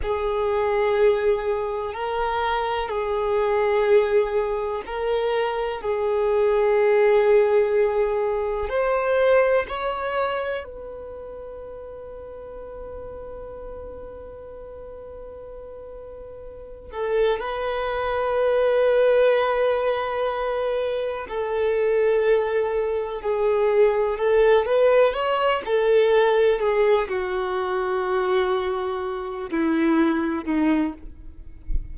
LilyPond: \new Staff \with { instrumentName = "violin" } { \time 4/4 \tempo 4 = 62 gis'2 ais'4 gis'4~ | gis'4 ais'4 gis'2~ | gis'4 c''4 cis''4 b'4~ | b'1~ |
b'4. a'8 b'2~ | b'2 a'2 | gis'4 a'8 b'8 cis''8 a'4 gis'8 | fis'2~ fis'8 e'4 dis'8 | }